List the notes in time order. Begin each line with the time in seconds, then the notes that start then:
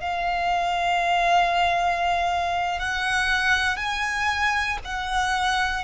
0.00 F5
2.79 F#5
3.76 G#5
4.84 F#5